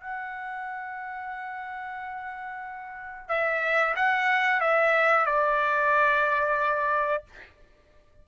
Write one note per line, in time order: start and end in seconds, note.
0.00 3.29 F#5
3.29 3.95 E5
3.96 4.61 F#5
4.61 5.26 E5
5.26 7.24 D5